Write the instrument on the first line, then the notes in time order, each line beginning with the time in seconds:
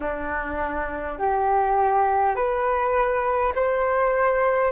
flute
0.00 D4
1.18 G4
2.35 B4
3.55 C5